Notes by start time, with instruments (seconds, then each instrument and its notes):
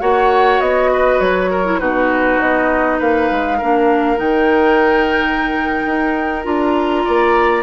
0.00 bassoon A#3, clarinet F#4, oboe C#5, flute F#5
0.60 bassoon B3, flute D#5
0.92 oboe B4
1.20 bassoon F#3, flute C#5
1.51 oboe A#4
1.65 clarinet E4
1.79 bassoon B2, clarinet D#4, oboe F#4, flute B4
2.39 bassoon B3, flute D#5
2.98 bassoon A#3, oboe B4, flute F5
3.31 bassoon G#3
3.58 bassoon A#3, clarinet D4, oboe A#4
4.17 bassoon D#3, clarinet D#4, flute G5
5.86 bassoon D#4
6.43 bassoon D4, clarinet F4, flute A#5
7.05 bassoon A#3, oboe D5